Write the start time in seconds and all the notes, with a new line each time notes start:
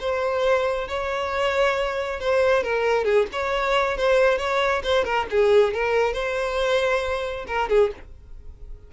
0.00 C5
0.88 C#5
2.20 C5
2.64 A#4
3.04 G#4
3.32 C#5
3.97 C5
4.38 C#5
4.83 C5
5.04 A#4
5.30 G#4
5.74 A#4
6.13 C5
7.47 A#4
7.69 G#4